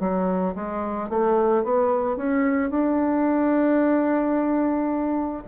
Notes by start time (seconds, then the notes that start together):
0.00 F#3
0.55 G#3
1.09 A3
1.64 B3
2.16 C#4
2.70 D4